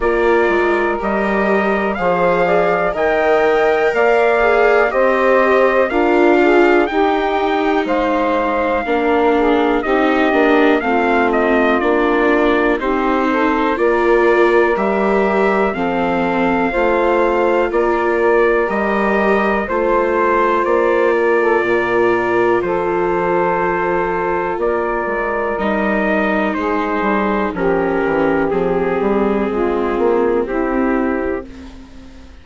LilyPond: <<
  \new Staff \with { instrumentName = "trumpet" } { \time 4/4 \tempo 4 = 61 d''4 dis''4 f''4 g''4 | f''4 dis''4 f''4 g''4 | f''2 dis''4 f''8 dis''8 | d''4 c''4 d''4 e''4 |
f''2 d''4 dis''4 | c''4 d''2 c''4~ | c''4 d''4 dis''4 c''4 | ais'4 gis'2 g'4 | }
  \new Staff \with { instrumentName = "saxophone" } { \time 4/4 ais'2 c''8 d''8 dis''4 | d''4 c''4 ais'8 gis'8 g'4 | c''4 ais'8 gis'8 g'4 f'4~ | f'4 g'8 a'8 ais'2 |
a'4 c''4 ais'2 | c''4. ais'16 a'16 ais'4 a'4~ | a'4 ais'2 gis'4 | g'2 f'4 e'4 | }
  \new Staff \with { instrumentName = "viola" } { \time 4/4 f'4 g'4 gis'4 ais'4~ | ais'8 gis'8 g'4 f'4 dis'4~ | dis'4 d'4 dis'8 d'8 c'4 | d'4 dis'4 f'4 g'4 |
c'4 f'2 g'4 | f'1~ | f'2 dis'2 | cis'4 c'2. | }
  \new Staff \with { instrumentName = "bassoon" } { \time 4/4 ais8 gis8 g4 f4 dis4 | ais4 c'4 d'4 dis'4 | gis4 ais4 c'8 ais8 a4 | ais4 c'4 ais4 g4 |
f4 a4 ais4 g4 | a4 ais4 ais,4 f4~ | f4 ais8 gis8 g4 gis8 g8 | f8 e8 f8 g8 gis8 ais8 c'4 | }
>>